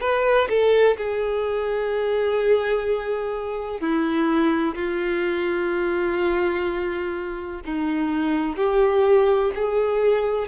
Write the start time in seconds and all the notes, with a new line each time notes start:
0.00 B4
0.49 A4
0.97 G#4
3.80 E4
4.75 F4
7.65 D#4
8.56 G4
9.55 G#4